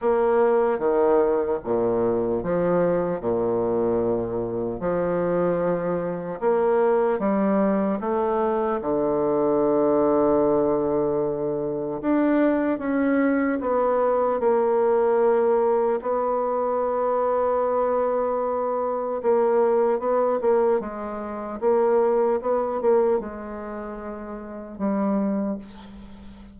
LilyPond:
\new Staff \with { instrumentName = "bassoon" } { \time 4/4 \tempo 4 = 75 ais4 dis4 ais,4 f4 | ais,2 f2 | ais4 g4 a4 d4~ | d2. d'4 |
cis'4 b4 ais2 | b1 | ais4 b8 ais8 gis4 ais4 | b8 ais8 gis2 g4 | }